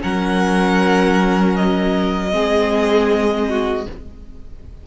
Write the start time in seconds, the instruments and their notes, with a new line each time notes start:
0.00 cello F#3, viola C#4, violin A#4 F#5
1.55 violin D#5
2.31 cello G#3, viola C4, violin G#4
3.48 violin F#4